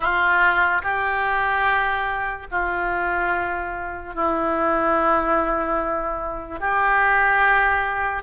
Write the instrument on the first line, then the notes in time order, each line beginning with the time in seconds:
oboe
0.00 F4
0.82 G4
2.51 F4
4.15 E4
6.59 G4